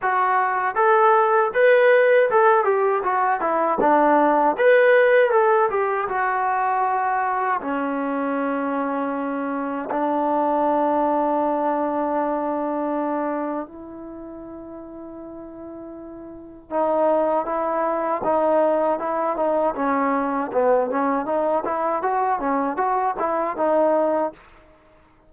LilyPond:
\new Staff \with { instrumentName = "trombone" } { \time 4/4 \tempo 4 = 79 fis'4 a'4 b'4 a'8 g'8 | fis'8 e'8 d'4 b'4 a'8 g'8 | fis'2 cis'2~ | cis'4 d'2.~ |
d'2 e'2~ | e'2 dis'4 e'4 | dis'4 e'8 dis'8 cis'4 b8 cis'8 | dis'8 e'8 fis'8 cis'8 fis'8 e'8 dis'4 | }